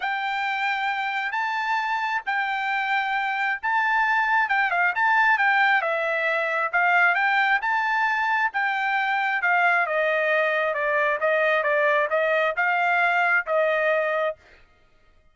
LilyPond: \new Staff \with { instrumentName = "trumpet" } { \time 4/4 \tempo 4 = 134 g''2. a''4~ | a''4 g''2. | a''2 g''8 f''8 a''4 | g''4 e''2 f''4 |
g''4 a''2 g''4~ | g''4 f''4 dis''2 | d''4 dis''4 d''4 dis''4 | f''2 dis''2 | }